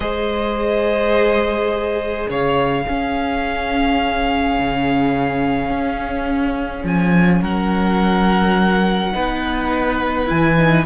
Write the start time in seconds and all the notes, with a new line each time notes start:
0.00 G#3 G#4 C5 D#5
2.28 C#3 C#5 F5
2.85 C#4 G#4
4.58 C#3
5.69 C#4
6.83 F3 G#5
7.41 F#3 A#4 F#5
9.11 B3 D#4 B4
10.25 E3 E4 G#5
10.57 D#4